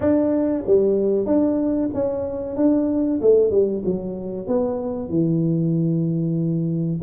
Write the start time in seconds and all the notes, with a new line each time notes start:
0.00 D4
0.66 G3
1.26 D4
1.94 C#4
2.56 D4
3.21 A3
3.50 G3
3.85 F#3
4.47 B3
5.09 E3